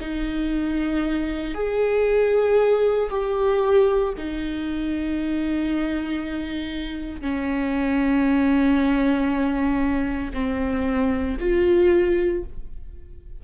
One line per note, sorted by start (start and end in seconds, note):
0.00 1.54 D#4
1.54 3.09 G#4
3.10 4.13 G4
4.17 7.21 D#4
7.21 10.31 C#4
10.33 11.37 C4
11.40 12.43 F4